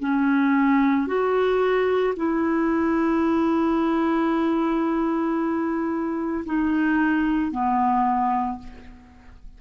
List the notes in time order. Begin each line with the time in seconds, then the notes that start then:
0.00 C#4
1.07 F#4
2.16 E4
6.45 D#4
7.51 B3